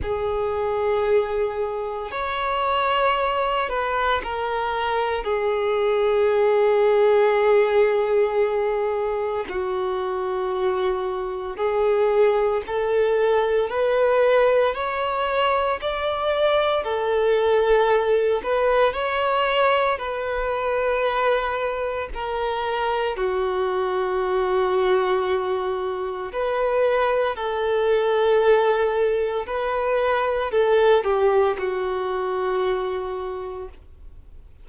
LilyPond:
\new Staff \with { instrumentName = "violin" } { \time 4/4 \tempo 4 = 57 gis'2 cis''4. b'8 | ais'4 gis'2.~ | gis'4 fis'2 gis'4 | a'4 b'4 cis''4 d''4 |
a'4. b'8 cis''4 b'4~ | b'4 ais'4 fis'2~ | fis'4 b'4 a'2 | b'4 a'8 g'8 fis'2 | }